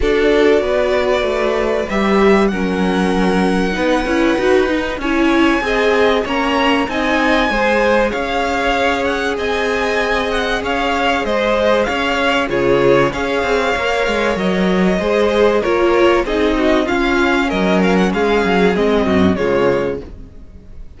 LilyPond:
<<
  \new Staff \with { instrumentName = "violin" } { \time 4/4 \tempo 4 = 96 d''2. e''4 | fis''1 | gis''2 ais''4 gis''4~ | gis''4 f''4. fis''8 gis''4~ |
gis''8 fis''8 f''4 dis''4 f''4 | cis''4 f''2 dis''4~ | dis''4 cis''4 dis''4 f''4 | dis''8 f''16 fis''16 f''4 dis''4 cis''4 | }
  \new Staff \with { instrumentName = "violin" } { \time 4/4 a'4 b'2. | ais'2 b'2 | cis''4 dis''4 cis''4 dis''4 | c''4 cis''2 dis''4~ |
dis''4 cis''4 c''4 cis''4 | gis'4 cis''2. | c''4 ais'4 gis'8 fis'8 f'4 | ais'4 gis'4. fis'8 f'4 | }
  \new Staff \with { instrumentName = "viola" } { \time 4/4 fis'2. g'4 | cis'2 dis'8 e'8 fis'8 dis'8 | e'4 gis'4 cis'4 dis'4 | gis'1~ |
gis'1 | f'4 gis'4 ais'2 | gis'4 f'4 dis'4 cis'4~ | cis'2 c'4 gis4 | }
  \new Staff \with { instrumentName = "cello" } { \time 4/4 d'4 b4 a4 g4 | fis2 b8 cis'8 dis'4 | cis'4 c'4 ais4 c'4 | gis4 cis'2 c'4~ |
c'4 cis'4 gis4 cis'4 | cis4 cis'8 c'8 ais8 gis8 fis4 | gis4 ais4 c'4 cis'4 | fis4 gis8 fis8 gis8 fis,8 cis4 | }
>>